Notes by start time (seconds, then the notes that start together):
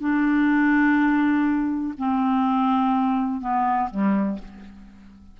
0.00 D4
1.98 C4
3.41 B3
3.91 G3